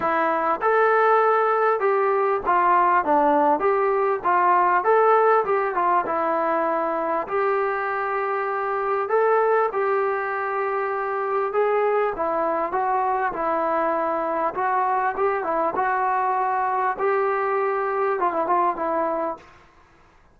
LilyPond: \new Staff \with { instrumentName = "trombone" } { \time 4/4 \tempo 4 = 99 e'4 a'2 g'4 | f'4 d'4 g'4 f'4 | a'4 g'8 f'8 e'2 | g'2. a'4 |
g'2. gis'4 | e'4 fis'4 e'2 | fis'4 g'8 e'8 fis'2 | g'2 f'16 e'16 f'8 e'4 | }